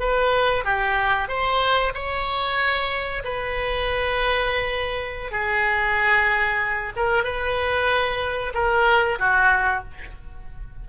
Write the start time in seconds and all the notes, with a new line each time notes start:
0.00 B4
0.65 G4
1.28 C5
1.94 C#5
3.24 B4
5.31 G#4
6.96 A#4
7.24 B4
8.54 A#4
9.19 F#4